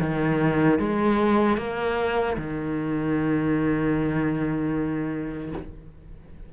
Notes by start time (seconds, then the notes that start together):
0.00 D#3
0.79 G#3
1.57 A#3
2.37 D#3